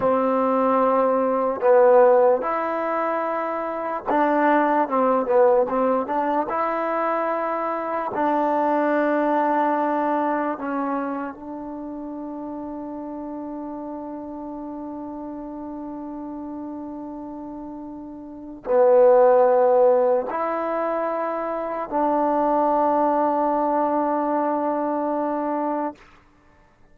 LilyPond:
\new Staff \with { instrumentName = "trombone" } { \time 4/4 \tempo 4 = 74 c'2 b4 e'4~ | e'4 d'4 c'8 b8 c'8 d'8 | e'2 d'2~ | d'4 cis'4 d'2~ |
d'1~ | d'2. b4~ | b4 e'2 d'4~ | d'1 | }